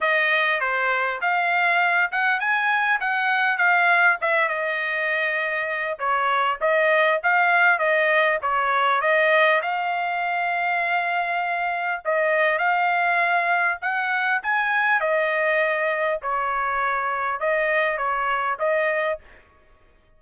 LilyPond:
\new Staff \with { instrumentName = "trumpet" } { \time 4/4 \tempo 4 = 100 dis''4 c''4 f''4. fis''8 | gis''4 fis''4 f''4 e''8 dis''8~ | dis''2 cis''4 dis''4 | f''4 dis''4 cis''4 dis''4 |
f''1 | dis''4 f''2 fis''4 | gis''4 dis''2 cis''4~ | cis''4 dis''4 cis''4 dis''4 | }